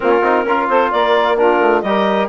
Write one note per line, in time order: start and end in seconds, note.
0.00 0.21 A#3
0.00 0.22 C#4
0.00 0.45 F4
0.00 0.66 A#4
0.21 0.44 C4
0.21 0.46 D#4
0.44 0.67 C#4
0.44 1.37 F4
0.44 0.68 A#4
0.68 0.91 C4
0.68 0.92 A4
0.68 0.91 C5
0.91 1.59 A#3
0.91 1.38 A#4
0.91 1.37 D5
1.37 1.83 D4
1.37 1.84 F4
1.37 1.81 A#4
1.59 1.82 A3
1.81 2.28 G3
1.81 2.28 G4
1.81 2.28 A#4
1.81 2.27 D#5